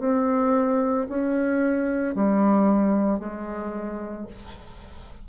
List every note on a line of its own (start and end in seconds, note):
0.00 1.07 C4
1.09 2.15 C#4
2.15 3.19 G3
3.19 4.27 G#3